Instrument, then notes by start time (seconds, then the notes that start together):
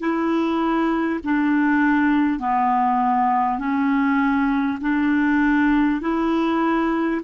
clarinet
0.00 E4
1.24 D4
2.39 B3
3.59 C#4
4.82 D4
6.02 E4